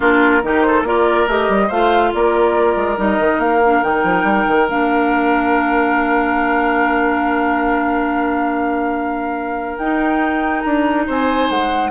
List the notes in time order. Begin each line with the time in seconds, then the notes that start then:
0.00 A#3 D4 F4 A#4
0.43 D#3 D#4 G4
0.62 A4 C5
0.82 A#3 F4 A#4 D5
1.27 A3 G4 D#5
1.48 G3
1.67 A3 F4 C5 F5
2.13 A#3 A#4 D5
2.76 G#3
2.96 G3 D#4 D#5
3.19 D#3
3.38 A#3 F5
3.65 D4
3.82 D#3 D#4 G5
4.03 F3
4.23 G3
4.47 D#3
4.67 A#3 D4 F5
9.77 D#4 G5
10.61 D4 A#5
11.06 C4 C5 G#5
11.50 G#3 F#5